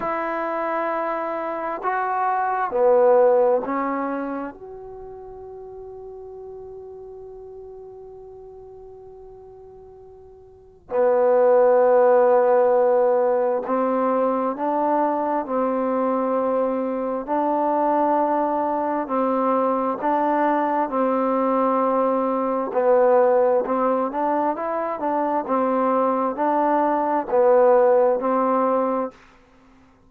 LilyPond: \new Staff \with { instrumentName = "trombone" } { \time 4/4 \tempo 4 = 66 e'2 fis'4 b4 | cis'4 fis'2.~ | fis'1 | b2. c'4 |
d'4 c'2 d'4~ | d'4 c'4 d'4 c'4~ | c'4 b4 c'8 d'8 e'8 d'8 | c'4 d'4 b4 c'4 | }